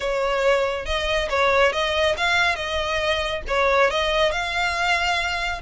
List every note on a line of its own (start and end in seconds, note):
0.00 0.85 C#5
0.85 1.28 D#5
1.29 1.72 C#5
1.72 2.15 D#5
2.17 2.55 F5
2.55 3.42 D#5
3.47 3.90 C#5
3.90 4.31 D#5
4.31 5.61 F5